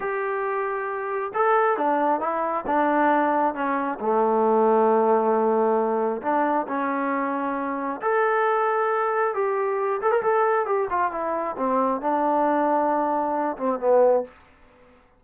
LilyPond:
\new Staff \with { instrumentName = "trombone" } { \time 4/4 \tempo 4 = 135 g'2. a'4 | d'4 e'4 d'2 | cis'4 a2.~ | a2 d'4 cis'4~ |
cis'2 a'2~ | a'4 g'4. a'16 ais'16 a'4 | g'8 f'8 e'4 c'4 d'4~ | d'2~ d'8 c'8 b4 | }